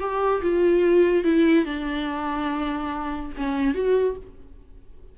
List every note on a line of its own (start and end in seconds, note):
0.00 0.42 G4
0.42 1.24 F4
1.24 1.65 E4
1.65 3.32 D4
3.37 3.74 C#4
3.74 4.16 F#4